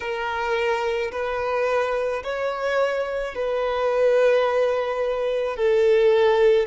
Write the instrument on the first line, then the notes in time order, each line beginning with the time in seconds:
violin
0.00 A#4
1.11 B4
2.23 C#5
3.34 B4
5.56 A4